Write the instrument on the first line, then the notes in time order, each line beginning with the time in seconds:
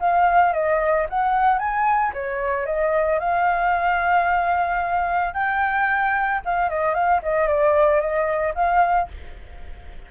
flute
0.00 F5
0.53 D#5
1.09 F#5
1.59 G#5
2.13 C#5
2.66 D#5
3.19 F5
5.34 G5
6.45 F5
6.69 D#5
6.94 F5
7.22 D#5
7.47 D5
8.00 D#5
8.55 F5